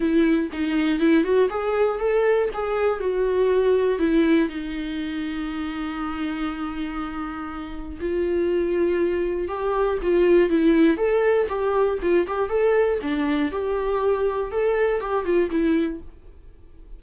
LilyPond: \new Staff \with { instrumentName = "viola" } { \time 4/4 \tempo 4 = 120 e'4 dis'4 e'8 fis'8 gis'4 | a'4 gis'4 fis'2 | e'4 dis'2.~ | dis'1 |
f'2. g'4 | f'4 e'4 a'4 g'4 | f'8 g'8 a'4 d'4 g'4~ | g'4 a'4 g'8 f'8 e'4 | }